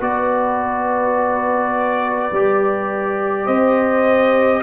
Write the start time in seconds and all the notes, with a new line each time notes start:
0.00 B3 F#4 B4 D5
2.32 G3 G4
3.45 C4 C5 D#5